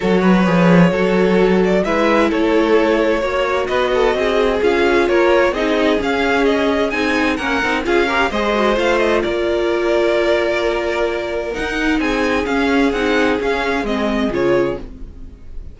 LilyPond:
<<
  \new Staff \with { instrumentName = "violin" } { \time 4/4 \tempo 4 = 130 cis''2.~ cis''8 d''8 | e''4 cis''2. | dis''2 f''4 cis''4 | dis''4 f''4 dis''4 gis''4 |
fis''4 f''4 dis''4 f''8 dis''8 | d''1~ | d''4 fis''4 gis''4 f''4 | fis''4 f''4 dis''4 cis''4 | }
  \new Staff \with { instrumentName = "violin" } { \time 4/4 a'8 b'4. a'2 | b'4 a'2 cis''4 | b'8 a'8 gis'2 ais'4 | gis'1 |
ais'4 gis'8 ais'8 c''2 | ais'1~ | ais'2 gis'2~ | gis'1 | }
  \new Staff \with { instrumentName = "viola" } { \time 4/4 fis'4 gis'4 fis'2 | e'2. fis'4~ | fis'2 f'2 | dis'4 cis'2 dis'4 |
cis'8 dis'8 f'8 g'8 gis'8 fis'8 f'4~ | f'1~ | f'4 dis'2 cis'4 | dis'4 cis'4 c'4 f'4 | }
  \new Staff \with { instrumentName = "cello" } { \time 4/4 fis4 f4 fis2 | gis4 a2 ais4 | b4 c'4 cis'4 ais4 | c'4 cis'2 c'4 |
ais8 c'8 cis'4 gis4 a4 | ais1~ | ais4 dis'4 c'4 cis'4 | c'4 cis'4 gis4 cis4 | }
>>